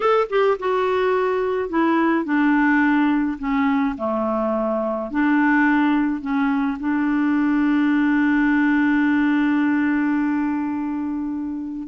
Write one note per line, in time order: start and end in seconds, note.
0.00 0.27 A4
0.29 0.57 G4
0.59 1.69 F#4
1.69 2.24 E4
2.24 3.38 D4
3.38 3.95 C#4
3.97 5.10 A3
5.10 6.21 D4
6.21 6.77 C#4
6.79 11.88 D4